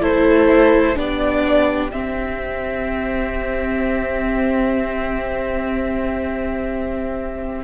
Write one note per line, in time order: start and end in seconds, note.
0.00 0.95 A3
0.00 0.95 E4
0.00 0.97 A4
0.00 0.98 C5
0.95 1.92 B3
0.95 1.90 D4
0.95 7.63 G4
0.95 1.91 D5
1.91 7.64 C4
1.91 7.63 E5